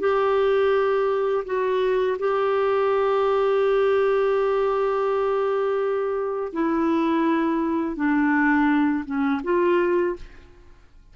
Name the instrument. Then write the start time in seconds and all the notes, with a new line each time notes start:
clarinet
0.00 G4
1.46 F#4
2.19 G4
6.53 E4
7.96 D4
9.06 C#4
9.44 F4